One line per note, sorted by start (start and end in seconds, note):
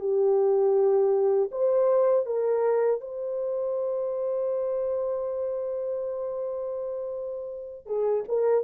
0.00 1.50 G4
1.52 2.26 C5
2.26 3.01 A#4
3.01 7.87 C5
7.87 8.24 G#4
8.29 8.65 A#4